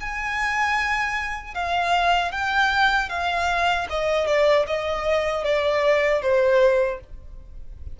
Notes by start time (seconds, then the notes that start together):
0.00 G#5
1.54 F5
2.31 G5
3.09 F5
3.89 D#5
4.26 D5
4.66 D#5
5.44 D5
6.22 C5